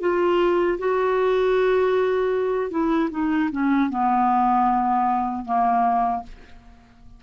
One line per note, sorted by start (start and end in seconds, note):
0.00 0.78 F4
0.78 2.70 F#4
2.70 3.09 E4
3.11 3.50 D#4
3.51 3.89 C#4
3.89 5.45 B3
5.45 6.23 A#3